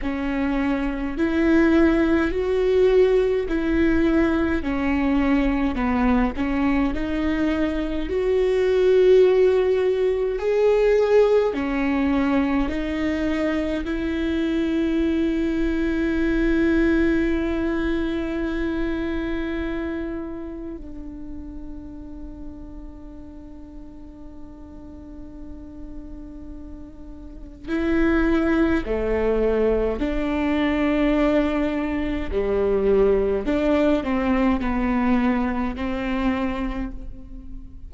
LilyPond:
\new Staff \with { instrumentName = "viola" } { \time 4/4 \tempo 4 = 52 cis'4 e'4 fis'4 e'4 | cis'4 b8 cis'8 dis'4 fis'4~ | fis'4 gis'4 cis'4 dis'4 | e'1~ |
e'2 d'2~ | d'1 | e'4 a4 d'2 | g4 d'8 c'8 b4 c'4 | }